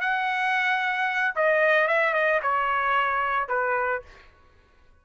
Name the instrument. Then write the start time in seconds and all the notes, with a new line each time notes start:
trumpet
0.00 F#5
1.35 D#5
1.87 E5
2.13 D#5
2.42 C#5
3.48 B4